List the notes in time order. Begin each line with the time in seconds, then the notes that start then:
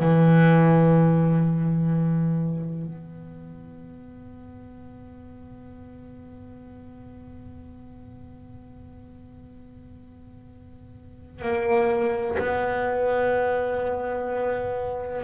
0.00 E3
2.85 B3
11.42 A#3
12.39 B3